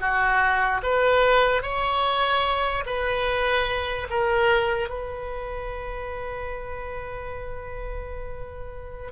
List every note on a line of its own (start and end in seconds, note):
0.00 0.81 F#4
0.83 1.63 B4
1.63 2.84 C#5
2.86 4.08 B4
4.10 4.89 A#4
4.89 9.12 B4